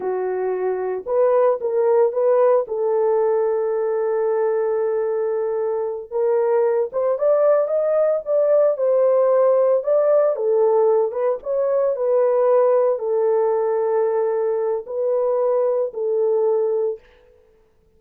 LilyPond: \new Staff \with { instrumentName = "horn" } { \time 4/4 \tempo 4 = 113 fis'2 b'4 ais'4 | b'4 a'2.~ | a'2.~ a'8 ais'8~ | ais'4 c''8 d''4 dis''4 d''8~ |
d''8 c''2 d''4 a'8~ | a'4 b'8 cis''4 b'4.~ | b'8 a'2.~ a'8 | b'2 a'2 | }